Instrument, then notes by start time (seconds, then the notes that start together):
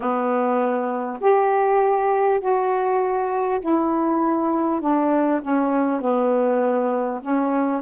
saxophone
0.00 B3
1.21 G4
2.40 F#4
3.60 E4
4.80 D4
5.42 C#4
6.01 B3
7.21 C#4